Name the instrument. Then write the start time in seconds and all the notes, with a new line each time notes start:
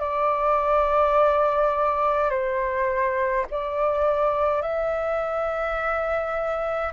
flute
0.00 D5
2.30 C5
3.50 D5
4.62 E5